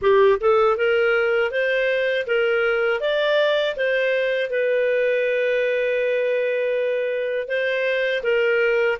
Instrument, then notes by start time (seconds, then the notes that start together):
clarinet
0.01 G4
0.40 A4
0.77 A#4
1.51 C5
2.26 A#4
3.00 D5
3.76 C5
4.50 B4
7.48 C5
8.23 A#4